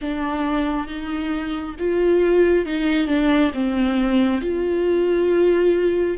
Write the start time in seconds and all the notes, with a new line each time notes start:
0.01 D4
0.87 D#4
1.78 F4
2.65 D#4
3.07 D4
3.53 C4
4.41 F4